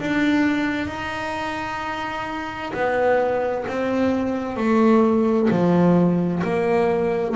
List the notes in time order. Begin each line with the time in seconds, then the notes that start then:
0.00 D4
0.88 D#4
2.74 B3
3.68 C4
4.57 A3
5.50 F3
6.43 A#3